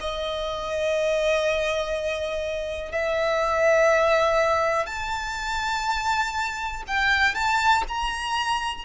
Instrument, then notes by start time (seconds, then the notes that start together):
violin
0.00 D#5
2.92 E5
4.86 A5
6.87 G5
7.34 A5
7.88 A#5